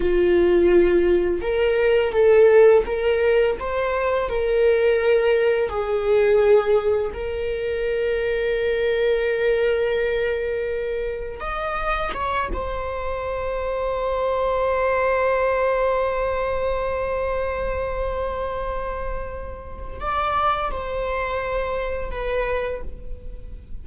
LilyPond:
\new Staff \with { instrumentName = "viola" } { \time 4/4 \tempo 4 = 84 f'2 ais'4 a'4 | ais'4 c''4 ais'2 | gis'2 ais'2~ | ais'1 |
dis''4 cis''8 c''2~ c''8~ | c''1~ | c''1 | d''4 c''2 b'4 | }